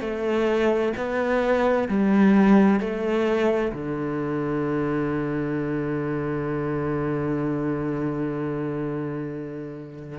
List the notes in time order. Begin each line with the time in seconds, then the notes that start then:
0.00 A3
0.97 B3
1.88 G3
2.79 A3
3.72 D3